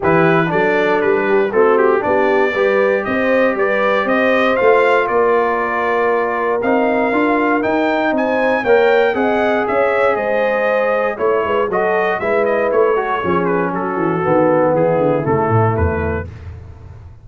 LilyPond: <<
  \new Staff \with { instrumentName = "trumpet" } { \time 4/4 \tempo 4 = 118 b'4 d''4 b'4 a'8 g'8 | d''2 dis''4 d''4 | dis''4 f''4 d''2~ | d''4 f''2 g''4 |
gis''4 g''4 fis''4 e''4 | dis''2 cis''4 dis''4 | e''8 dis''8 cis''4. b'8 a'4~ | a'4 gis'4 a'4 b'4 | }
  \new Staff \with { instrumentName = "horn" } { \time 4/4 g'4 a'4. g'8 fis'4 | g'4 b'4 c''4 b'4 | c''2 ais'2~ | ais'1 |
c''4 cis''4 dis''4 cis''4 | c''2 cis''8 b'8 a'4 | b'4. a'8 gis'4 fis'4~ | fis'4 e'2. | }
  \new Staff \with { instrumentName = "trombone" } { \time 4/4 e'4 d'2 c'4 | d'4 g'2.~ | g'4 f'2.~ | f'4 dis'4 f'4 dis'4~ |
dis'4 ais'4 gis'2~ | gis'2 e'4 fis'4 | e'4. fis'8 cis'2 | b2 a2 | }
  \new Staff \with { instrumentName = "tuba" } { \time 4/4 e4 fis4 g4 a4 | b4 g4 c'4 g4 | c'4 a4 ais2~ | ais4 c'4 d'4 dis'4 |
c'4 ais4 c'4 cis'4 | gis2 a8 gis8 fis4 | gis4 a4 f4 fis8 e8 | dis4 e8 d8 cis8 a,8 e,4 | }
>>